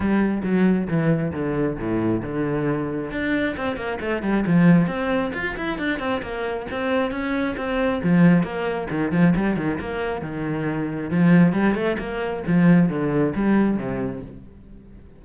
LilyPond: \new Staff \with { instrumentName = "cello" } { \time 4/4 \tempo 4 = 135 g4 fis4 e4 d4 | a,4 d2 d'4 | c'8 ais8 a8 g8 f4 c'4 | f'8 e'8 d'8 c'8 ais4 c'4 |
cis'4 c'4 f4 ais4 | dis8 f8 g8 dis8 ais4 dis4~ | dis4 f4 g8 a8 ais4 | f4 d4 g4 c4 | }